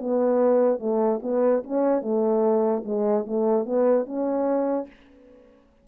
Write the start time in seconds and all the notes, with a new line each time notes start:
0.00 B3
0.80 A3
1.23 B3
1.64 C#4
2.02 A3
2.85 G#3
3.27 A3
3.66 B3
4.06 C#4